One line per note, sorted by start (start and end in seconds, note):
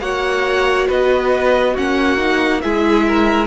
0.00 0.87 A#3
0.00 1.76 F#4
0.00 0.88 C#5
0.00 0.87 F#5
0.88 1.77 B3
0.88 1.73 B4
0.88 1.77 D#5
1.73 2.64 A#3
1.73 2.17 C#4
1.73 2.60 F#4
1.73 2.61 F#5
2.17 2.61 D#4
2.61 3.46 G#3
2.61 3.46 E4
2.61 3.06 G#4
2.61 3.46 E5
3.07 3.46 A#4